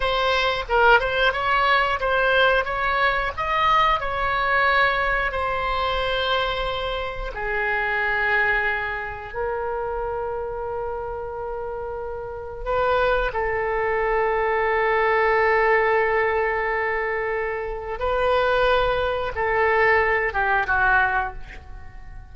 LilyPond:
\new Staff \with { instrumentName = "oboe" } { \time 4/4 \tempo 4 = 90 c''4 ais'8 c''8 cis''4 c''4 | cis''4 dis''4 cis''2 | c''2. gis'4~ | gis'2 ais'2~ |
ais'2. b'4 | a'1~ | a'2. b'4~ | b'4 a'4. g'8 fis'4 | }